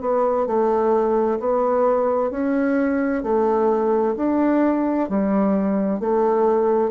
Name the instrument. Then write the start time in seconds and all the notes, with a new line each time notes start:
bassoon
0.00 B3
0.46 A3
1.39 B3
2.30 C#4
3.22 A3
4.16 D4
5.09 G3
5.99 A3